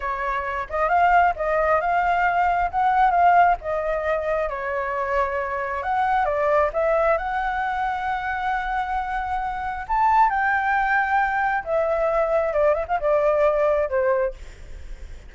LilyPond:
\new Staff \with { instrumentName = "flute" } { \time 4/4 \tempo 4 = 134 cis''4. dis''8 f''4 dis''4 | f''2 fis''4 f''4 | dis''2 cis''2~ | cis''4 fis''4 d''4 e''4 |
fis''1~ | fis''2 a''4 g''4~ | g''2 e''2 | d''8 e''16 f''16 d''2 c''4 | }